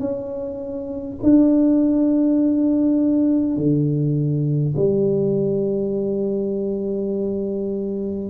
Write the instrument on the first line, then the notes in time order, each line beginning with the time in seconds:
tuba
0.00 C#4
1.24 D4
3.57 D3
4.77 G3